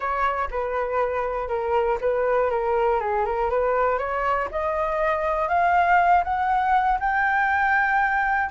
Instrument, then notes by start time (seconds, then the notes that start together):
flute
0.00 C#5
0.50 B4
1.48 A#4
2.00 B4
2.50 A#4
3.00 G#4
3.25 A#4
3.50 B4
3.98 C#5
4.51 D#5
5.48 F5
6.24 F#5
7.00 G5